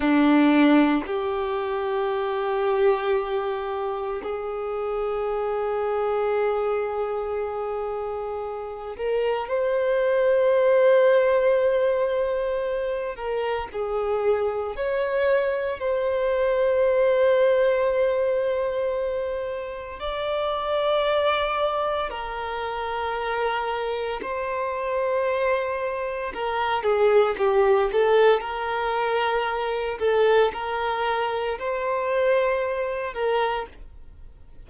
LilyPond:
\new Staff \with { instrumentName = "violin" } { \time 4/4 \tempo 4 = 57 d'4 g'2. | gis'1~ | gis'8 ais'8 c''2.~ | c''8 ais'8 gis'4 cis''4 c''4~ |
c''2. d''4~ | d''4 ais'2 c''4~ | c''4 ais'8 gis'8 g'8 a'8 ais'4~ | ais'8 a'8 ais'4 c''4. ais'8 | }